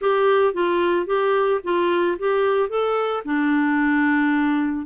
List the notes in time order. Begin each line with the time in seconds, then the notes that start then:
0.01 G4
0.53 F4
1.06 G4
1.63 F4
2.18 G4
2.69 A4
3.25 D4